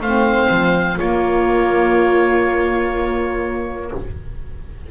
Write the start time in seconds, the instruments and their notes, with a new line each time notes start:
0.00 double bass A3, saxophone C4, viola C5, oboe F5
0.50 double bass F3
0.97 saxophone A#3, double bass A#3, viola F4, oboe C#5